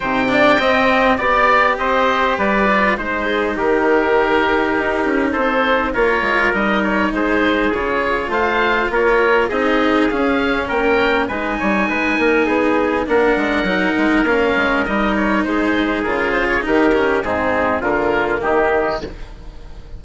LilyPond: <<
  \new Staff \with { instrumentName = "oboe" } { \time 4/4 \tempo 4 = 101 g''2 d''4 dis''4 | d''4 c''4 ais'2~ | ais'4 c''4 cis''4 dis''8 cis''8 | c''4 cis''4 f''4 cis''4 |
dis''4 f''4 g''4 gis''4~ | gis''2 fis''2 | f''4 dis''8 cis''8 c''4 ais'8 c''16 cis''16 | ais'4 gis'4 ais'4 g'4 | }
  \new Staff \with { instrumentName = "trumpet" } { \time 4/4 c''8 d''8 dis''4 d''4 c''4 | b'4 c''8 gis'8 g'2~ | g'4 a'4 ais'2 | gis'2 c''4 ais'4 |
gis'2 ais'4 b'8 cis''8 | b'8 ais'8 gis'4 ais'2~ | ais'2 gis'2 | g'4 dis'4 f'4 dis'4 | }
  \new Staff \with { instrumentName = "cello" } { \time 4/4 dis'8 d'8 c'4 g'2~ | g'8 f'8 dis'2.~ | dis'2 f'4 dis'4~ | dis'4 f'2. |
dis'4 cis'2 dis'4~ | dis'2 d'4 dis'4 | cis'4 dis'2 f'4 | dis'8 cis'8 c'4 ais2 | }
  \new Staff \with { instrumentName = "bassoon" } { \time 4/4 c4 c'4 b4 c'4 | g4 gis4 dis2 | dis'8 cis'8 c'4 ais8 gis8 g4 | gis4 cis4 a4 ais4 |
c'4 cis'4 ais4 gis8 g8 | gis8 ais8 b4 ais8 gis8 fis8 gis8 | ais8 gis8 g4 gis4 cis4 | dis4 gis,4 d4 dis4 | }
>>